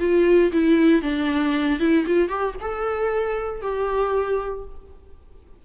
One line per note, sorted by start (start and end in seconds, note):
0.00 0.52 F4
0.53 1.02 E4
1.02 1.80 D4
1.80 2.06 E4
2.07 2.29 F4
2.29 2.55 G4
2.61 3.62 A4
3.62 4.66 G4